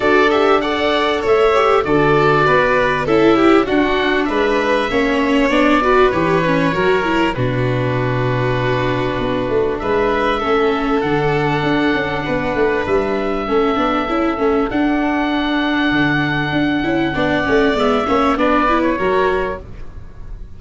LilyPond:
<<
  \new Staff \with { instrumentName = "oboe" } { \time 4/4 \tempo 4 = 98 d''8 e''8 fis''4 e''4 d''4~ | d''4 e''4 fis''4 e''4~ | e''4 d''4 cis''2 | b'1 |
e''2 fis''2~ | fis''4 e''2. | fis''1~ | fis''4 e''4 d''8. cis''4~ cis''16 | }
  \new Staff \with { instrumentName = "violin" } { \time 4/4 a'4 d''4 cis''4 a'4 | b'4 a'8 g'8 fis'4 b'4 | cis''4. b'4. ais'4 | fis'1 |
b'4 a'2. | b'2 a'2~ | a'1 | d''4. cis''8 b'4 ais'4 | }
  \new Staff \with { instrumentName = "viola" } { \time 4/4 fis'8 g'8 a'4. g'8 fis'4~ | fis'4 e'4 d'2 | cis'4 d'8 fis'8 g'8 cis'8 fis'8 e'8 | d'1~ |
d'4 cis'4 d'2~ | d'2 cis'8 d'8 e'8 cis'8 | d'2.~ d'8 e'8 | d'8 cis'8 b8 cis'8 d'8 e'8 fis'4 | }
  \new Staff \with { instrumentName = "tuba" } { \time 4/4 d'2 a4 d4 | b4 cis'4 d'4 gis4 | ais4 b4 e4 fis4 | b,2. b8 a8 |
gis4 a4 d4 d'8 cis'8 | b8 a8 g4 a8 b8 cis'8 a8 | d'2 d4 d'8 cis'8 | b8 a8 gis8 ais8 b4 fis4 | }
>>